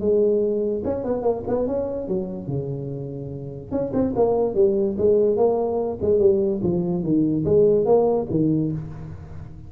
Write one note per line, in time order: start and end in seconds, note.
0.00 0.83 G#3
0.84 1.04 C#4
1.04 1.22 B3
1.22 1.43 A#3
1.47 1.67 B3
1.67 2.08 C#4
2.08 2.47 F#3
2.47 3.71 C#3
3.71 3.92 C#4
3.93 4.14 C4
4.16 4.54 A#3
4.54 4.96 G3
4.98 5.36 G#3
5.36 5.98 A#3
6.01 6.19 G#3
6.19 6.61 G3
6.63 7.03 F3
7.03 7.44 D#3
7.45 7.85 G#3
7.85 8.26 A#3
8.30 8.72 D#3